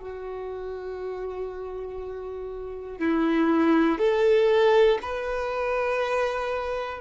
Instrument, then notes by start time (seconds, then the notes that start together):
violin
0.00 F#4
3.00 E4
3.99 A4
5.03 B4